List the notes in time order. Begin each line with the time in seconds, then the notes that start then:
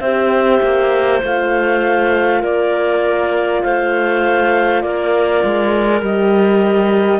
0.00 C4 G4 C5 E5
0.61 A#3
1.23 A3 F4 F5
2.40 A#3 A#4 D5
3.63 A3 C5 F5
4.81 A#3 A#4 D5
5.44 G#3
6.01 G3 G4 D#5